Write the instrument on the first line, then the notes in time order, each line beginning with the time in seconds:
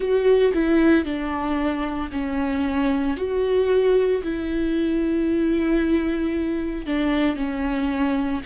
viola
0.00 F#4
0.53 E4
1.04 D4
2.11 C#4
3.16 F#4
4.22 E4
6.86 D4
7.35 C#4